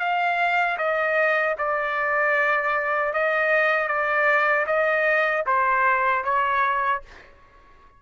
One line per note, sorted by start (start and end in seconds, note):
0.00 0.78 F5
0.78 1.56 D#5
1.59 3.14 D5
3.14 3.88 D#5
3.88 4.66 D5
4.67 5.45 D#5
5.47 6.24 C5
6.24 7.02 C#5